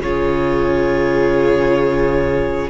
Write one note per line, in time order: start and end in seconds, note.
0.00 2.70 C#3
0.00 2.70 F4
0.00 2.70 G#4
0.00 2.70 C#5